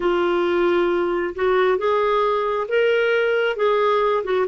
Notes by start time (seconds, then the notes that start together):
0.00 F4
1.35 F#4
1.77 G#4
2.68 A#4
3.56 G#4
4.23 F#4